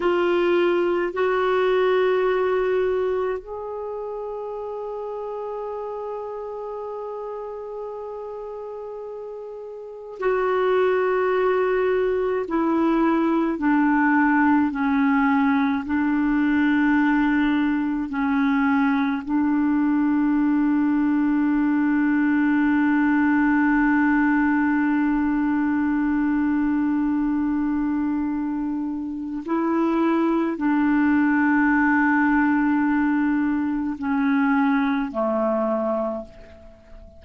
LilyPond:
\new Staff \with { instrumentName = "clarinet" } { \time 4/4 \tempo 4 = 53 f'4 fis'2 gis'4~ | gis'1~ | gis'4 fis'2 e'4 | d'4 cis'4 d'2 |
cis'4 d'2.~ | d'1~ | d'2 e'4 d'4~ | d'2 cis'4 a4 | }